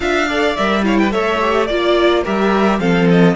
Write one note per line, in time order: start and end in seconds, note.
0.00 0.56 D4
0.00 0.28 F4
0.00 0.27 E5
0.00 0.56 F5
0.27 0.57 A4
0.27 0.84 D5
0.56 1.14 G3
0.56 0.83 A#4
0.56 0.84 E5
0.83 1.11 E4
0.83 1.00 C#5
0.83 0.97 F5
0.97 1.12 B4
0.97 1.11 G5
1.11 1.69 A3
1.11 1.39 A4
1.11 1.67 C#5
1.11 1.65 E5
1.40 1.68 G4
1.65 2.25 A#3
1.65 2.25 F4
1.65 2.21 D5
1.65 2.23 D5
2.23 2.79 G3
2.23 2.79 G4
2.23 2.79 A#4
2.23 2.79 E5
2.79 3.35 F3
2.79 3.35 C4
2.79 3.35 A4
2.79 3.07 F5
3.10 3.35 D#5